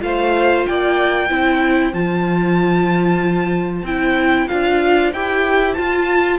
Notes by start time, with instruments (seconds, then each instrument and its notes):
0.00 cello A3, viola F4, violin C5 F5
0.66 cello A#3, violin D5 G5
1.29 cello C4, viola E4, violin C5
1.93 cello F3, viola F4, violin A5
3.82 cello C4, viola E4, violin G5
4.48 cello D4, viola F4, violin F5
5.13 cello E4, viola G4, violin G5
5.73 viola F4, cello F4, violin A5